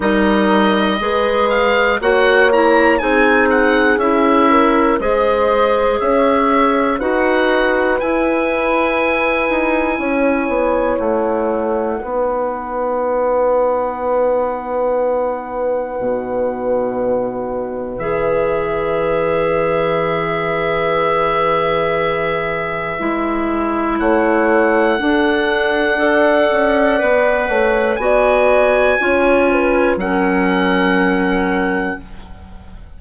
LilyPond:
<<
  \new Staff \with { instrumentName = "oboe" } { \time 4/4 \tempo 4 = 60 dis''4. f''8 fis''8 ais''8 gis''8 fis''8 | e''4 dis''4 e''4 fis''4 | gis''2. fis''4~ | fis''1~ |
fis''2 e''2~ | e''1 | fis''1 | gis''2 fis''2 | }
  \new Staff \with { instrumentName = "horn" } { \time 4/4 ais'4 b'4 cis''4 gis'4~ | gis'8 ais'8 c''4 cis''4 b'4~ | b'2 cis''2 | b'1~ |
b'1~ | b'1 | cis''4 a'4 d''4. cis''8 | d''4 cis''8 b'8 ais'2 | }
  \new Staff \with { instrumentName = "clarinet" } { \time 4/4 dis'4 gis'4 fis'8 e'8 dis'4 | e'4 gis'2 fis'4 | e'1 | dis'1~ |
dis'2 gis'2~ | gis'2. e'4~ | e'4 d'4 a'4 b'4 | fis'4 f'4 cis'2 | }
  \new Staff \with { instrumentName = "bassoon" } { \time 4/4 g4 gis4 ais4 c'4 | cis'4 gis4 cis'4 dis'4 | e'4. dis'8 cis'8 b8 a4 | b1 |
b,2 e2~ | e2. gis4 | a4 d'4. cis'8 b8 a8 | b4 cis'4 fis2 | }
>>